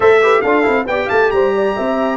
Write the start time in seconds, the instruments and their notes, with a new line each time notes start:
0.00 tuba A3, trombone A4, horn C5, trumpet E5
0.22 trombone G4, horn B4
0.41 tuba D4, trombone F4, horn A4, trumpet F5
0.63 tuba C4, trombone E4
0.85 tuba B3, trombone G4, horn D5, trumpet G5
1.05 tuba A3, horn F5, trumpet A5
1.30 tuba G3, horn C5, trumpet A#5
1.54 horn D5
1.76 tuba C4, horn E5